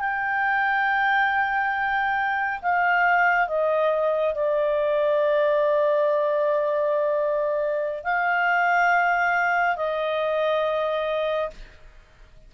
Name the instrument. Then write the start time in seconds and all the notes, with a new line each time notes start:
clarinet
0.00 G5
2.62 F5
3.48 D#5
4.35 D5
8.04 F5
9.76 D#5